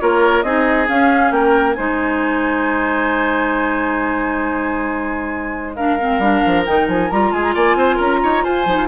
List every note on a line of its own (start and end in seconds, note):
0.00 0.44 A#3
0.00 0.45 F4
0.00 0.45 A#4
0.00 0.43 C#5
0.43 0.88 C4
0.43 0.87 D#4
0.43 1.34 G#4
0.43 0.87 D#5
0.87 1.76 C#4
0.87 1.31 C#4
0.87 1.32 F5
1.31 1.76 A#3
1.31 1.77 A#4
1.31 1.74 G5
1.74 6.19 G#3
1.74 5.77 D#4
1.74 5.76 C5
1.74 5.74 G#5
5.76 5.99 D4
5.76 7.32 A#4
5.76 6.65 F5
6.00 6.22 C4
6.19 6.41 G3
6.19 6.66 D4
6.46 6.68 F3
6.66 6.88 D#3
6.66 7.10 D#4
6.66 6.88 G5
6.88 7.10 F3
6.88 7.11 G#5
7.11 7.33 G3
7.11 8.67 F4
7.11 7.32 A#5
7.32 7.55 G#3
7.32 7.55 G#4
7.32 7.43 G#5
7.43 7.54 A#5
7.55 7.75 A#3
7.55 7.77 D5
7.55 8.00 G#5
7.75 7.98 C4
7.75 7.96 C5
7.96 8.22 C#4
7.96 8.18 A#4
7.96 8.44 A#5
8.23 8.44 D#4
8.23 8.44 C#5
8.44 8.66 F4
8.44 8.88 C5
8.44 8.88 G#5
8.66 8.77 F3
8.66 8.88 D#4
8.77 8.88 F4